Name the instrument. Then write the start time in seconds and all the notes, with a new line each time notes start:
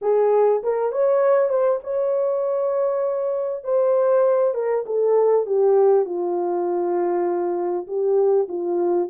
horn
0.01 G#4
0.63 A#4
0.91 C#5
1.49 C5
1.83 C#5
3.64 C5
4.54 A#4
4.86 A4
5.45 G4
6.05 F4
7.87 G4
8.48 F4